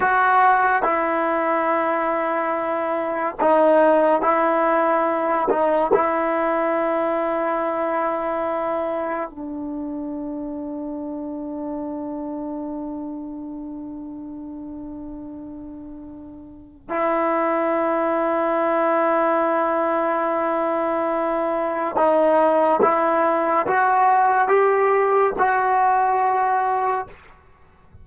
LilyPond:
\new Staff \with { instrumentName = "trombone" } { \time 4/4 \tempo 4 = 71 fis'4 e'2. | dis'4 e'4. dis'8 e'4~ | e'2. d'4~ | d'1~ |
d'1 | e'1~ | e'2 dis'4 e'4 | fis'4 g'4 fis'2 | }